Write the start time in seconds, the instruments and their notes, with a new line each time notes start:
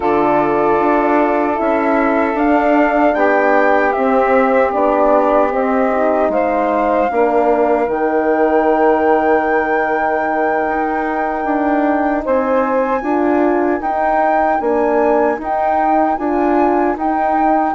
0.00 bassoon D3, horn F4, saxophone A4, flute D5
0.78 bassoon D4
1.54 bassoon C#4, horn E4, flute E5
2.34 bassoon D4, horn D4, flute F5
3.14 bassoon B3, saxophone G4, flute G5
3.92 horn C4, bassoon C4, flute E5
4.73 bassoon B3, horn D4, flute D5
5.50 horn C4, bassoon C4, flute D#5
5.90 horn D#4
6.29 bassoon G#3, saxophone C5, flute F5
7.10 bassoon A#3, horn D4, saxophone A#4
7.87 bassoon D#3, horn D#4, flute G5
10.67 bassoon D#4
11.44 bassoon D4
12.24 bassoon C4, saxophone C5, flute G#5
13.01 bassoon D4, horn F4, saxophone A#4
13.80 bassoon D#4, horn D#4, flute G5
14.60 bassoon A#3, horn D4, flute G#5
15.38 bassoon D#4, horn D#4, flute G5
16.17 bassoon D4, horn F4, flute G#5
16.96 bassoon D#4, horn D#4, flute G5